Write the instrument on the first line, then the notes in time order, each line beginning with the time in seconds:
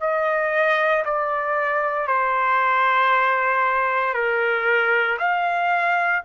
trumpet
0.00 D#5
1.05 D5
2.07 C5
4.14 A#4
5.19 F5